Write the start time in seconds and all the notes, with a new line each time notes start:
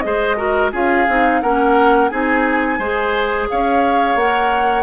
0.00 G#3 G#4 D#5
0.06 C5
0.37 F#4 A#4
0.72 C#4 F4 G#4 F5
1.08 C4 D#4
1.42 A#3 C#4 A#4 F#5
2.08 C4 D#4 G#4 G#5
2.79 G#3 G#4 C5
3.50 C#4 C#5 F5
4.15 A#3 A#4 F#5